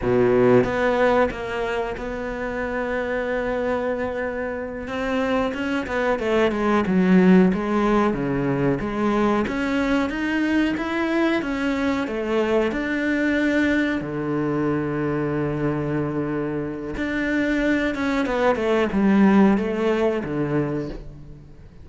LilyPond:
\new Staff \with { instrumentName = "cello" } { \time 4/4 \tempo 4 = 92 b,4 b4 ais4 b4~ | b2.~ b8 c'8~ | c'8 cis'8 b8 a8 gis8 fis4 gis8~ | gis8 cis4 gis4 cis'4 dis'8~ |
dis'8 e'4 cis'4 a4 d'8~ | d'4. d2~ d8~ | d2 d'4. cis'8 | b8 a8 g4 a4 d4 | }